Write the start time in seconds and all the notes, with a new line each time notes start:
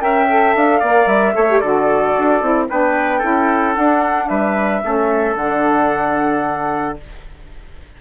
0.00 C#4 A#4 E5 G5
0.29 A4
0.55 D4 F5
0.79 A#3 A#4 D5
1.06 G3 E5
1.34 A3 A4 C#5
1.49 G4
1.58 D3 F#4 A4 D5
2.18 D4
2.42 C4 E4
2.69 B3 D4 B4 G5
3.19 C#4 E4 A4
3.75 D4 F#5
4.28 G3 B4 E5
4.82 A3 C#4 A4
5.36 D3 D4 F#5